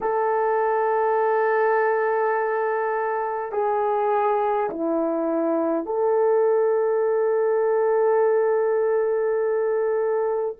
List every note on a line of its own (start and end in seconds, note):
0.00 3.52 A4
3.52 4.70 G#4
4.70 5.85 E4
5.85 10.56 A4